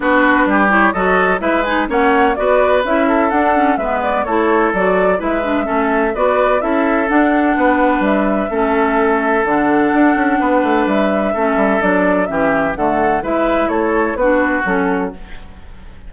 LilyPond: <<
  \new Staff \with { instrumentName = "flute" } { \time 4/4 \tempo 4 = 127 b'4. cis''8 dis''4 e''8 gis''8 | fis''4 d''4 e''4 fis''4 | e''8 d''8 cis''4 d''4 e''4~ | e''4 d''4 e''4 fis''4~ |
fis''4 e''2. | fis''2. e''4~ | e''4 d''4 e''4 fis''4 | e''4 cis''4 b'4 a'4 | }
  \new Staff \with { instrumentName = "oboe" } { \time 4/4 fis'4 g'4 a'4 b'4 | cis''4 b'4. a'4. | b'4 a'2 b'4 | a'4 b'4 a'2 |
b'2 a'2~ | a'2 b'2 | a'2 g'4 a'4 | b'4 a'4 fis'2 | }
  \new Staff \with { instrumentName = "clarinet" } { \time 4/4 d'4. e'8 fis'4 e'8 dis'8 | cis'4 fis'4 e'4 d'8 cis'8 | b4 e'4 fis'4 e'8 d'8 | cis'4 fis'4 e'4 d'4~ |
d'2 cis'2 | d'1 | cis'4 d'4 cis'4 a4 | e'2 d'4 cis'4 | }
  \new Staff \with { instrumentName = "bassoon" } { \time 4/4 b4 g4 fis4 gis4 | ais4 b4 cis'4 d'4 | gis4 a4 fis4 gis4 | a4 b4 cis'4 d'4 |
b4 g4 a2 | d4 d'8 cis'8 b8 a8 g4 | a8 g8 fis4 e4 d4 | gis4 a4 b4 fis4 | }
>>